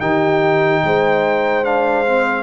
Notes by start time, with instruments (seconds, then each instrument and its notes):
0.00 tuba D#3, trombone D#4, horn G4, trumpet G5
0.84 tuba G#3, horn C5
1.65 trombone D4, trumpet F5
2.06 trombone C4